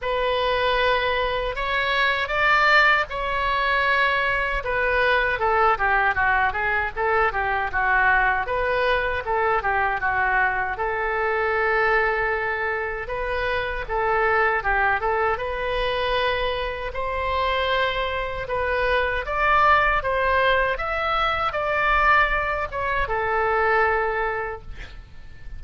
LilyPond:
\new Staff \with { instrumentName = "oboe" } { \time 4/4 \tempo 4 = 78 b'2 cis''4 d''4 | cis''2 b'4 a'8 g'8 | fis'8 gis'8 a'8 g'8 fis'4 b'4 | a'8 g'8 fis'4 a'2~ |
a'4 b'4 a'4 g'8 a'8 | b'2 c''2 | b'4 d''4 c''4 e''4 | d''4. cis''8 a'2 | }